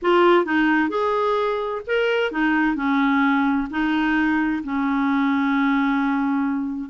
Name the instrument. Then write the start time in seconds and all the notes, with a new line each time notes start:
clarinet
0.01 F4
0.45 D#4
0.89 G#4
1.87 A#4
2.31 D#4
2.75 C#4
3.70 D#4
4.63 C#4